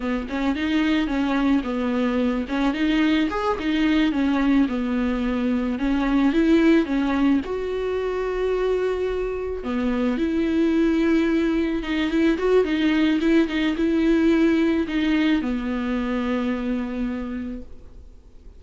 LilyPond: \new Staff \with { instrumentName = "viola" } { \time 4/4 \tempo 4 = 109 b8 cis'8 dis'4 cis'4 b4~ | b8 cis'8 dis'4 gis'8 dis'4 cis'8~ | cis'8 b2 cis'4 e'8~ | e'8 cis'4 fis'2~ fis'8~ |
fis'4. b4 e'4.~ | e'4. dis'8 e'8 fis'8 dis'4 | e'8 dis'8 e'2 dis'4 | b1 | }